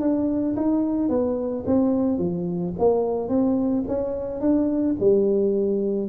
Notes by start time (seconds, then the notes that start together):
0.00 D4
0.56 D#4
1.09 B3
1.66 C4
2.18 F3
2.79 A#3
3.29 C4
3.88 C#4
4.40 D4
5.00 G3